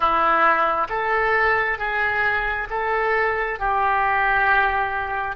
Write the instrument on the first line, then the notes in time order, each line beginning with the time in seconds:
oboe
0.00 E4
0.89 A4
1.78 G#4
2.70 A4
3.59 G4